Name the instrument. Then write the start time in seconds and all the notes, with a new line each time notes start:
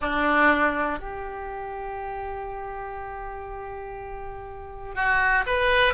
oboe
0.01 D4
0.99 G4
4.95 F#4
5.46 B4